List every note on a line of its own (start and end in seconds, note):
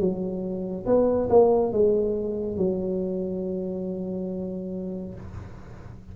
0.00 0.86 F#3
0.86 1.29 B3
1.30 1.73 A#3
1.73 2.58 G#3
2.58 5.15 F#3